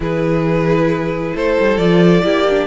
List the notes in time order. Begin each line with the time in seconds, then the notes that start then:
0.00 E3 E4 G#4 B4
1.35 A3 A4 C5
1.60 G3
1.77 F3 F4 D5
2.23 A#3 E4 G4
2.49 D4